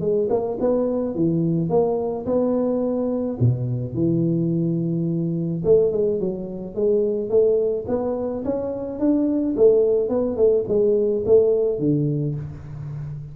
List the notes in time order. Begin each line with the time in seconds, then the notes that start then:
0.00 G#3
0.30 A#3
0.60 B3
1.15 E3
1.69 A#3
2.26 B3
3.40 B2
3.94 E3
5.65 A3
5.92 G#3
6.20 F#3
6.75 G#3
7.29 A3
7.88 B3
8.44 C#4
8.99 D4
9.56 A3
10.09 B3
10.36 A3
10.68 G#3
11.26 A3
11.79 D3